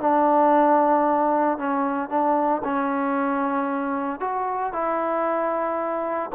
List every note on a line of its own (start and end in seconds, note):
0.00 1.58 D4
1.58 2.09 C#4
2.09 2.61 D4
2.64 4.20 C#4
4.20 4.72 F#4
4.72 6.30 E4